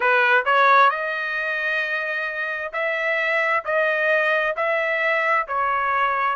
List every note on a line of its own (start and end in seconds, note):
0.00 0.44 B4
0.45 0.90 C#5
0.90 2.71 D#5
2.72 3.63 E5
3.64 4.55 D#5
4.56 5.47 E5
5.48 6.36 C#5